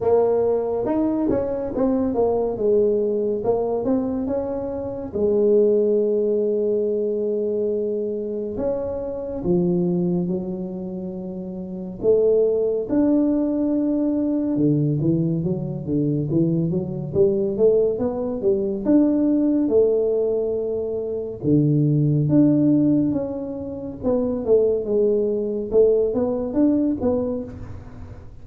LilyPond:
\new Staff \with { instrumentName = "tuba" } { \time 4/4 \tempo 4 = 70 ais4 dis'8 cis'8 c'8 ais8 gis4 | ais8 c'8 cis'4 gis2~ | gis2 cis'4 f4 | fis2 a4 d'4~ |
d'4 d8 e8 fis8 d8 e8 fis8 | g8 a8 b8 g8 d'4 a4~ | a4 d4 d'4 cis'4 | b8 a8 gis4 a8 b8 d'8 b8 | }